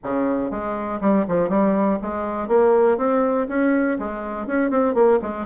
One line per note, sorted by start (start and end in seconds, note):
0.03 0.50 C#3
0.50 1.00 G#3
1.01 1.25 G3
1.28 1.49 F3
1.49 1.98 G3
2.02 2.47 G#3
2.47 2.97 A#3
2.97 3.47 C4
3.48 3.98 C#4
3.98 4.46 G#3
4.46 4.70 C#4
4.70 4.94 C4
4.94 5.19 A#3
5.22 5.46 G#3